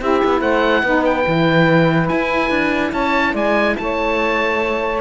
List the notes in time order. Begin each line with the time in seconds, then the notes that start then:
0.00 C4 E4 G4 E5
0.24 B3
0.40 A3 C5 F#5
0.83 B3 D#4 B4
1.04 G5
1.23 E3 E4
2.07 E4 G#5
2.50 D4
2.92 C#4 C#5 A5
3.32 G#3 D5 G#5
3.77 A3 C#5 A5